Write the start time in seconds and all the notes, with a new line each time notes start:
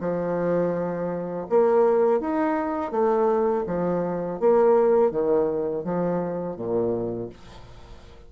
0.00 F3
1.49 A#3
2.20 D#4
2.91 A3
3.67 F3
4.40 A#3
5.11 D#3
5.84 F3
6.56 A#2